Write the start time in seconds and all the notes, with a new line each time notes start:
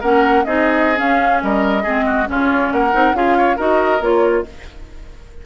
0.00 A#3 C#4 A#4 F#5
0.44 C4 D#4 G#4 D#5
0.96 C#4 F5
1.42 G3 A#4 D#5
1.83 G#3 C4 G#4
2.05 F#4
2.26 C#3 C#4 F4 C#5
2.72 A#3 A#4 F#5
2.92 C4 D#4
3.13 C#4 F4 G#4 F5
3.37 C#5
3.56 D#4 F#4 A#4 D#5
4.00 A#3 F4 C#5